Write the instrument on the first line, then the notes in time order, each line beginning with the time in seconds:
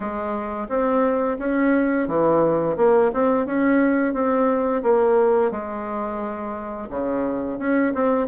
bassoon
0.00 G#3
0.68 C4
1.38 C#4
2.07 E3
2.76 A#3
3.13 C4
3.45 C#4
4.13 C4
4.82 A#3
5.51 G#3
6.89 C#3
7.59 C#4
7.94 C4